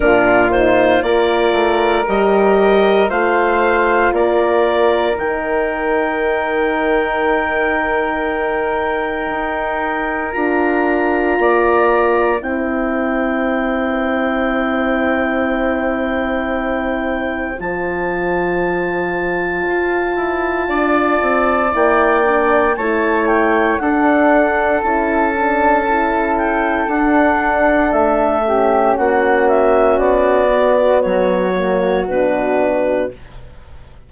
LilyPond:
<<
  \new Staff \with { instrumentName = "clarinet" } { \time 4/4 \tempo 4 = 58 ais'8 c''8 d''4 dis''4 f''4 | d''4 g''2.~ | g''2 ais''2 | g''1~ |
g''4 a''2.~ | a''4 g''4 a''8 g''8 fis''4 | a''4. g''8 fis''4 e''4 | fis''8 e''8 d''4 cis''4 b'4 | }
  \new Staff \with { instrumentName = "flute" } { \time 4/4 f'4 ais'2 c''4 | ais'1~ | ais'2. d''4 | c''1~ |
c''1 | d''2 cis''4 a'4~ | a'2.~ a'8 g'8 | fis'1 | }
  \new Staff \with { instrumentName = "horn" } { \time 4/4 d'8 dis'8 f'4 g'4 f'4~ | f'4 dis'2.~ | dis'2 f'2 | e'1~ |
e'4 f'2.~ | f'4 e'8 d'8 e'4 d'4 | e'8 d'8 e'4 d'4. cis'8~ | cis'4. b4 ais8 d'4 | }
  \new Staff \with { instrumentName = "bassoon" } { \time 4/4 ais,4 ais8 a8 g4 a4 | ais4 dis2.~ | dis4 dis'4 d'4 ais4 | c'1~ |
c'4 f2 f'8 e'8 | d'8 c'8 ais4 a4 d'4 | cis'2 d'4 a4 | ais4 b4 fis4 b,4 | }
>>